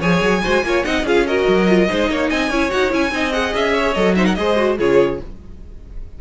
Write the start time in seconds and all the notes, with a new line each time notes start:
0.00 F3 G#4 C#5 G#5
0.22 F#3
0.44 G#3 F#4 C5
0.63 A#3 F4 C#5
0.84 C4 D#4 D#5 F#5
1.03 C#4 F4 G#4 F5
1.27 F#4 A#4 D#5
1.48 F#3
1.68 F4
1.89 G#3 D#4 C5
2.10 A#3 C#5
2.30 C4 D#5 G#5
2.50 C#4 E4 C#5
2.70 D#4 F#4 F#5
2.91 C#4 E4 G#5
3.12 C4 D#4 D#5
3.33 G#4 F#5
3.55 C#4 E5
3.74 C#5
3.94 F#3 A4 D#5
4.15 D#4 C5 E5
4.26 A#4 F#5
4.35 G#3 G#4 C5 D#5
4.57 F#4
4.78 C#3 F4 G#4 C#5